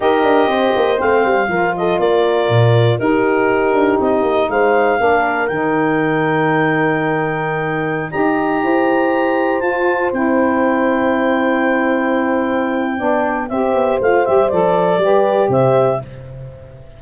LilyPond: <<
  \new Staff \with { instrumentName = "clarinet" } { \time 4/4 \tempo 4 = 120 dis''2 f''4. dis''8 | d''2 ais'2 | dis''4 f''2 g''4~ | g''1~ |
g''16 ais''2. a''8.~ | a''16 g''2.~ g''8.~ | g''2. e''4 | f''8 e''8 d''2 e''4 | }
  \new Staff \with { instrumentName = "horn" } { \time 4/4 ais'4 c''2 ais'8 a'8 | ais'2 g'2~ | g'4 c''4 ais'2~ | ais'1~ |
ais'16 dis''4 c''2~ c''8.~ | c''1~ | c''2 d''4 c''4~ | c''2 b'4 c''4 | }
  \new Staff \with { instrumentName = "saxophone" } { \time 4/4 g'2 c'4 f'4~ | f'2 dis'2~ | dis'2 d'4 dis'4~ | dis'1~ |
dis'16 g'2. f'8.~ | f'16 e'2.~ e'8.~ | e'2 d'4 g'4 | f'8 g'8 a'4 g'2 | }
  \new Staff \with { instrumentName = "tuba" } { \time 4/4 dis'8 d'8 c'8 ais8 a8 g8 f4 | ais4 ais,4 dis'4. d'8 | c'8 ais8 gis4 ais4 dis4~ | dis1~ |
dis16 dis'4 e'2 f'8.~ | f'16 c'2.~ c'8.~ | c'2 b4 c'8 b8 | a8 g8 f4 g4 c4 | }
>>